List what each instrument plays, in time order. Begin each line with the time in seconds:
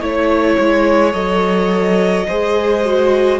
0.00 cello A3, viola E4, violin C#5
0.59 cello G#3
1.13 cello F#3, viola A4, violin D#5
2.27 cello G#3, viola G#4, violin C5
2.84 viola F#4